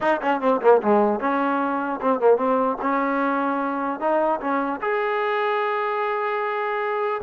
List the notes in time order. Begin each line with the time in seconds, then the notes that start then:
0.00 D#4
0.21 C#4
0.40 C4
0.61 A#3
0.81 G#3
1.20 C#4
2.01 C4
2.20 A#3
2.37 C4
2.81 C#4
4.00 D#4
4.40 C#4
4.81 G#4